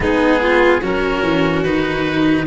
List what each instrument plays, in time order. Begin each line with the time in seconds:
0.00 tuba G#3, cello B3, violin D#4, oboe G#4
0.41 violin F4
0.80 tuba F#3, cello C#4, violin F#4, oboe A#4
1.22 tuba E3
1.63 tuba D#3, cello D#4, oboe B4